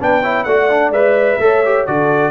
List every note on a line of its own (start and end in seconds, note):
0.00 0.46 B3
0.00 0.23 D4
0.00 0.21 B4
0.00 0.44 G5
0.21 0.47 E4
0.21 0.45 C#5
0.44 0.90 A3
0.44 0.70 F#4
0.44 1.39 D5
0.44 0.91 F#5
0.70 0.93 D4
0.90 1.37 G#3
0.90 1.40 B4
0.90 1.86 E5
1.39 1.85 A3
1.39 1.64 A4
1.39 1.89 C#5
1.65 1.87 G4
1.86 2.31 D3
1.86 2.31 F#4
1.86 2.31 A4
1.86 2.31 D5